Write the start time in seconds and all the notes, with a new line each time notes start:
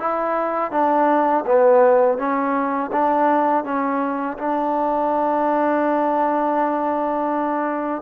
0.00 E4
0.72 D4
1.46 B3
2.18 C#4
2.92 D4
3.65 C#4
4.38 D4